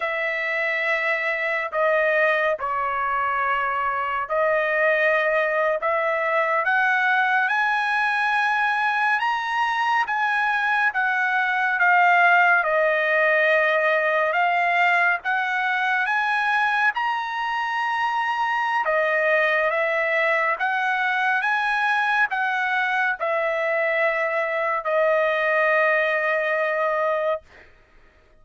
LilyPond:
\new Staff \with { instrumentName = "trumpet" } { \time 4/4 \tempo 4 = 70 e''2 dis''4 cis''4~ | cis''4 dis''4.~ dis''16 e''4 fis''16~ | fis''8. gis''2 ais''4 gis''16~ | gis''8. fis''4 f''4 dis''4~ dis''16~ |
dis''8. f''4 fis''4 gis''4 ais''16~ | ais''2 dis''4 e''4 | fis''4 gis''4 fis''4 e''4~ | e''4 dis''2. | }